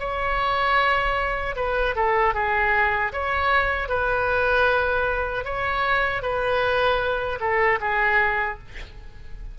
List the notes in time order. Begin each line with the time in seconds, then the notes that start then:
0.00 C#5
1.56 B4
1.96 A4
2.34 G#4
3.13 C#5
3.89 B4
5.45 C#5
6.22 B4
7.40 A4
7.81 G#4